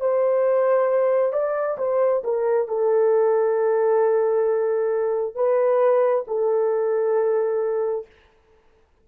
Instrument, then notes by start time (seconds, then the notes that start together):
horn
0.00 C5
1.32 D5
1.77 C5
2.23 A#4
2.67 A4
5.34 B4
6.27 A4